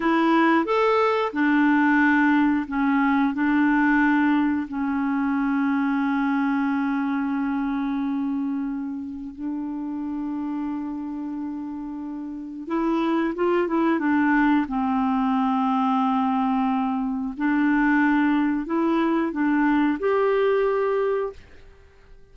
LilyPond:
\new Staff \with { instrumentName = "clarinet" } { \time 4/4 \tempo 4 = 90 e'4 a'4 d'2 | cis'4 d'2 cis'4~ | cis'1~ | cis'2 d'2~ |
d'2. e'4 | f'8 e'8 d'4 c'2~ | c'2 d'2 | e'4 d'4 g'2 | }